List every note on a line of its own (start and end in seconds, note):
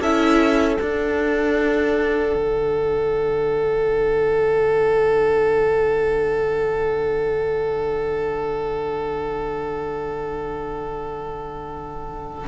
0.00 0.78 C#4
0.00 0.79 E4
0.00 12.47 A4
0.00 0.80 E5
0.79 12.48 D4
0.79 2.35 D4
0.79 12.48 F#5
2.35 12.48 D3